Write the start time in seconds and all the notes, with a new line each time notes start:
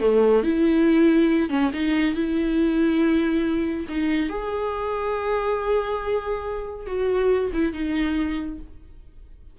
0.00 A3
0.43 E4
1.49 C#4
1.73 D#4
2.14 E4
3.89 D#4
4.29 G#4
6.86 F#4
7.53 E4
7.73 D#4